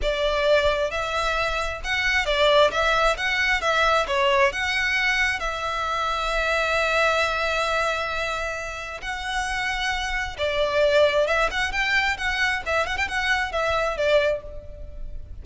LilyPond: \new Staff \with { instrumentName = "violin" } { \time 4/4 \tempo 4 = 133 d''2 e''2 | fis''4 d''4 e''4 fis''4 | e''4 cis''4 fis''2 | e''1~ |
e''1 | fis''2. d''4~ | d''4 e''8 fis''8 g''4 fis''4 | e''8 fis''16 g''16 fis''4 e''4 d''4 | }